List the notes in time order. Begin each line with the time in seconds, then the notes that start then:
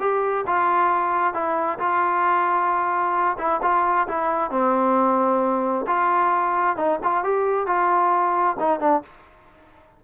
0.00 G4
0.47 F4
1.34 E4
1.79 F4
3.38 E4
3.62 F4
4.08 E4
4.51 C4
5.87 F4
6.77 D#4
7.04 F4
7.24 G4
7.67 F4
8.59 D#4
8.80 D4